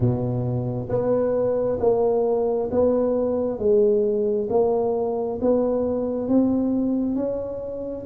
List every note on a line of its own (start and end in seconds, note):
0.00 0.88 B2
0.89 1.79 B3
1.80 2.69 A#3
2.71 3.58 B3
3.58 4.48 G#3
4.49 5.39 A#3
5.41 6.28 B3
6.28 7.15 C4
7.15 8.05 C#4